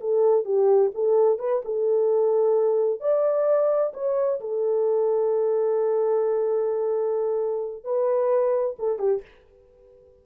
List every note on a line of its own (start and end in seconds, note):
0.00 0.45 A4
0.45 0.91 G4
0.94 1.39 A4
1.39 1.62 B4
1.64 3.00 A4
3.00 3.93 D5
3.93 4.40 C#5
4.40 7.84 A4
7.84 8.76 B4
8.78 8.99 A4
8.99 9.22 G4